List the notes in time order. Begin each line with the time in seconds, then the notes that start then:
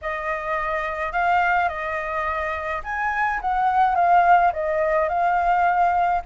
0.01 D#5
1.12 F5
1.68 D#5
2.83 G#5
3.41 F#5
3.95 F5
4.52 D#5
5.08 F5